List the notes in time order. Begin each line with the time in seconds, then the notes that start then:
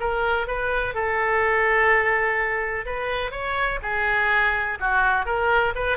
0.00 A#4
0.48 B4
0.95 A4
2.86 B4
3.32 C#5
3.83 G#4
4.80 F#4
5.26 A#4
5.76 B4